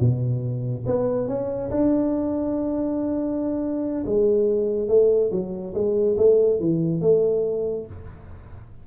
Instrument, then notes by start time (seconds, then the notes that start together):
tuba
0.00 B2
0.86 B3
1.28 C#4
1.71 D4
4.06 G#3
4.88 A3
5.32 F#3
5.74 G#3
6.18 A3
6.60 E3
7.02 A3